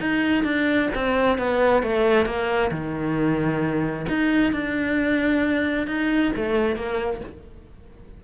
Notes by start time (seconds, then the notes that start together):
0.00 D#4
0.44 D4
0.95 C4
1.38 B3
1.83 A3
2.26 A#3
2.71 D#3
4.08 D#4
4.52 D4
5.87 D#4
6.36 A3
6.75 A#3